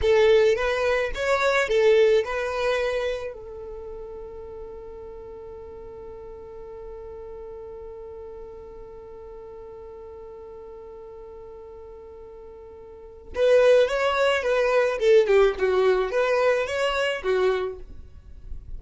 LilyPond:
\new Staff \with { instrumentName = "violin" } { \time 4/4 \tempo 4 = 108 a'4 b'4 cis''4 a'4 | b'2 a'2~ | a'1~ | a'1~ |
a'1~ | a'1 | b'4 cis''4 b'4 a'8 g'8 | fis'4 b'4 cis''4 fis'4 | }